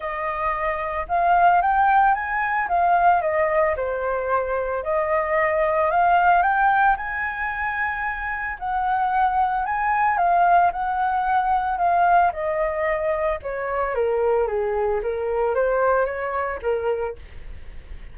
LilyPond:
\new Staff \with { instrumentName = "flute" } { \time 4/4 \tempo 4 = 112 dis''2 f''4 g''4 | gis''4 f''4 dis''4 c''4~ | c''4 dis''2 f''4 | g''4 gis''2. |
fis''2 gis''4 f''4 | fis''2 f''4 dis''4~ | dis''4 cis''4 ais'4 gis'4 | ais'4 c''4 cis''4 ais'4 | }